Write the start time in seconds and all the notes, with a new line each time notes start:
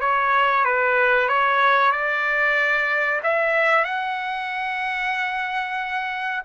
0.00 C#5
0.65 B4
1.28 C#5
1.91 D5
3.23 E5
3.84 F#5